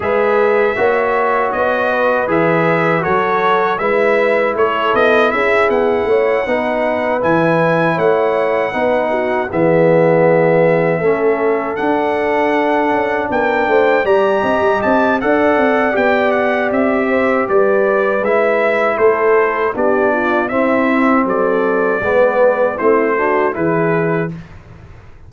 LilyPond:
<<
  \new Staff \with { instrumentName = "trumpet" } { \time 4/4 \tempo 4 = 79 e''2 dis''4 e''4 | cis''4 e''4 cis''8 dis''8 e''8 fis''8~ | fis''4. gis''4 fis''4.~ | fis''8 e''2. fis''8~ |
fis''4. g''4 ais''4 a''8 | fis''4 g''8 fis''8 e''4 d''4 | e''4 c''4 d''4 e''4 | d''2 c''4 b'4 | }
  \new Staff \with { instrumentName = "horn" } { \time 4/4 b'4 cis''4. b'4. | a'4 b'4 a'4 gis'4 | cis''8 b'2 cis''4 b'8 | fis'8 gis'2 a'4.~ |
a'4. ais'8 c''8 d''8 dis''4 | d''2~ d''8 c''8 b'4~ | b'4 a'4 g'8 f'8 e'4 | a'4 b'4 e'8 fis'8 gis'4 | }
  \new Staff \with { instrumentName = "trombone" } { \time 4/4 gis'4 fis'2 gis'4 | fis'4 e'2.~ | e'8 dis'4 e'2 dis'8~ | dis'8 b2 cis'4 d'8~ |
d'2~ d'8 g'4. | a'4 g'2. | e'2 d'4 c'4~ | c'4 b4 c'8 d'8 e'4 | }
  \new Staff \with { instrumentName = "tuba" } { \time 4/4 gis4 ais4 b4 e4 | fis4 gis4 a8 b8 cis'8 b8 | a8 b4 e4 a4 b8~ | b8 e2 a4 d'8~ |
d'4 cis'8 b8 a8 g8 c'16 g16 c'8 | d'8 c'8 b4 c'4 g4 | gis4 a4 b4 c'4 | fis4 gis4 a4 e4 | }
>>